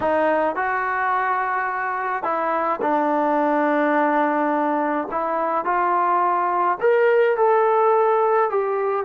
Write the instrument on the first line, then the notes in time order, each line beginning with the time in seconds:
trombone
0.00 D#4
0.55 F#4
2.23 E4
2.81 D4
5.11 E4
5.64 F4
6.80 A#4
7.36 A4
8.49 G4